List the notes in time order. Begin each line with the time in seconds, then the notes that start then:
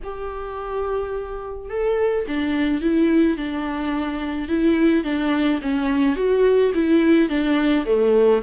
0.03 G4
1.69 A4
2.27 D4
2.81 E4
3.37 D4
4.48 E4
5.04 D4
5.61 C#4
6.15 F#4
6.74 E4
7.29 D4
7.85 A3